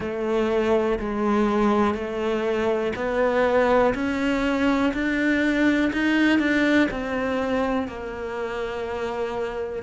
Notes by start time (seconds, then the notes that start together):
0.00 A3
0.99 G#3
1.94 A3
2.95 B3
3.94 C#4
4.93 D4
5.92 D#4
6.39 D4
6.91 C4
7.87 A#3